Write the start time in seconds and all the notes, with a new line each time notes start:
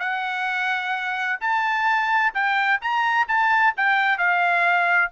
0.00 F#5
1.41 A5
2.34 G5
2.82 A#5
3.29 A5
3.77 G5
4.19 F5